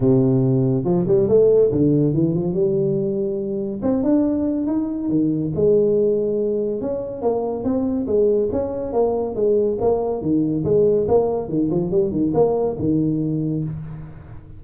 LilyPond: \new Staff \with { instrumentName = "tuba" } { \time 4/4 \tempo 4 = 141 c2 f8 g8 a4 | d4 e8 f8 g2~ | g4 c'8 d'4. dis'4 | dis4 gis2. |
cis'4 ais4 c'4 gis4 | cis'4 ais4 gis4 ais4 | dis4 gis4 ais4 dis8 f8 | g8 dis8 ais4 dis2 | }